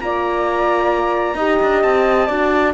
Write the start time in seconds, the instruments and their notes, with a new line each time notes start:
0.00 cello A#3, horn F4, flute D5, trumpet A#5
1.35 cello D#4, horn G4, flute D#5
1.62 cello D4
1.82 cello C4, trumpet A5
2.27 cello D4, horn F#4, flute D5